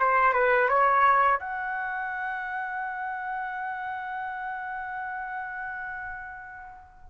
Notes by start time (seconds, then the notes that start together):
0.00 C5
0.34 B4
0.69 C#5
1.40 F#5